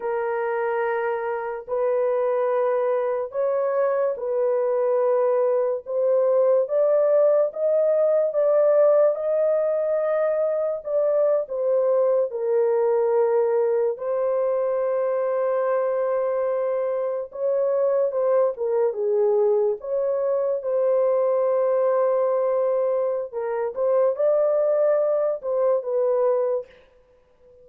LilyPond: \new Staff \with { instrumentName = "horn" } { \time 4/4 \tempo 4 = 72 ais'2 b'2 | cis''4 b'2 c''4 | d''4 dis''4 d''4 dis''4~ | dis''4 d''8. c''4 ais'4~ ais'16~ |
ais'8. c''2.~ c''16~ | c''8. cis''4 c''8 ais'8 gis'4 cis''16~ | cis''8. c''2.~ c''16 | ais'8 c''8 d''4. c''8 b'4 | }